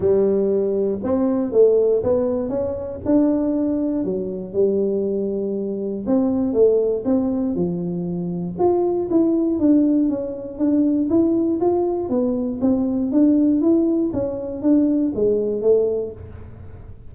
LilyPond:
\new Staff \with { instrumentName = "tuba" } { \time 4/4 \tempo 4 = 119 g2 c'4 a4 | b4 cis'4 d'2 | fis4 g2. | c'4 a4 c'4 f4~ |
f4 f'4 e'4 d'4 | cis'4 d'4 e'4 f'4 | b4 c'4 d'4 e'4 | cis'4 d'4 gis4 a4 | }